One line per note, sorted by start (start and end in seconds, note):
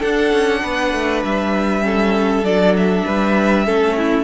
0.00 1.82 D4
0.00 0.33 D4
0.00 0.61 A4
0.00 1.24 F#5
0.33 0.64 C#4
0.63 0.93 B3
0.63 1.84 B4
0.93 1.24 A3
1.24 2.43 G3
1.24 2.45 E5
1.82 2.43 C#4
1.82 3.06 A4
2.43 3.04 F#3
2.43 3.66 D4
2.43 2.76 D5
2.77 4.25 E5
3.06 3.68 G3
3.06 3.66 B4
3.66 4.25 A3
3.66 4.25 C#4
3.66 3.96 A4
3.97 4.25 E4